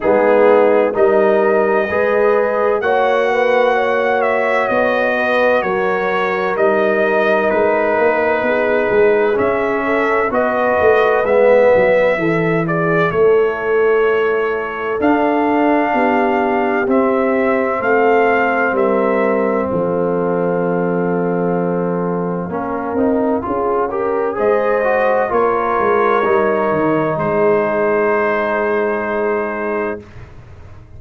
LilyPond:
<<
  \new Staff \with { instrumentName = "trumpet" } { \time 4/4 \tempo 4 = 64 gis'4 dis''2 fis''4~ | fis''8 e''8 dis''4 cis''4 dis''4 | b'2 e''4 dis''4 | e''4. d''8 cis''2 |
f''2 e''4 f''4 | e''4 f''2.~ | f''2 dis''4 cis''4~ | cis''4 c''2. | }
  \new Staff \with { instrumentName = "horn" } { \time 4/4 dis'4 ais'4 b'4 cis''8 b'8 | cis''4. b'8 ais'2~ | ais'4 gis'4. a'8 b'4~ | b'4 a'8 gis'8 a'2~ |
a'4 g'2 a'4 | ais'4 a'2. | ais'4 gis'8 ais'8 c''4 ais'4~ | ais'4 gis'2. | }
  \new Staff \with { instrumentName = "trombone" } { \time 4/4 b4 dis'4 gis'4 fis'4~ | fis'2. dis'4~ | dis'2 cis'4 fis'4 | b4 e'2. |
d'2 c'2~ | c'1 | cis'8 dis'8 f'8 g'8 gis'8 fis'8 f'4 | dis'1 | }
  \new Staff \with { instrumentName = "tuba" } { \time 4/4 gis4 g4 gis4 ais4~ | ais4 b4 fis4 g4 | gis8 ais8 b8 gis8 cis'4 b8 a8 | gis8 fis8 e4 a2 |
d'4 b4 c'4 a4 | g4 f2. | ais8 c'8 cis'4 gis4 ais8 gis8 | g8 dis8 gis2. | }
>>